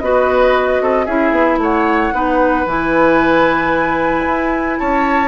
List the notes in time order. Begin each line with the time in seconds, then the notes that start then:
0.00 B3 F#4 B4 D#5
0.81 C4 A4
1.06 C#4 E4 G#4 E5
1.31 B3
1.58 A3 C#5 F#5
2.13 B3 D#4 B4
2.66 E3 E4 G#5
4.26 E4
4.79 C#4 C#5 A5